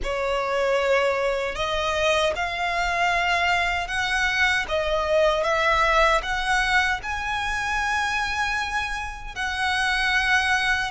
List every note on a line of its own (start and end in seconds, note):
0.03 1.55 C#5
1.55 2.33 D#5
2.35 3.87 F5
3.87 4.65 F#5
4.68 5.43 D#5
5.43 6.21 E5
6.22 7.00 F#5
7.02 9.35 G#5
9.35 10.91 F#5